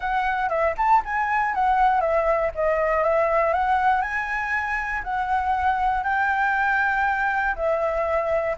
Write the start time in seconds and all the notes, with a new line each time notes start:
0.00 F#5
0.49 E5
0.77 A5
1.04 G#5
1.54 F#5
2.00 E5
2.54 D#5
3.03 E5
3.53 F#5
4.01 G#5
5.03 F#5
6.03 G5
7.55 E5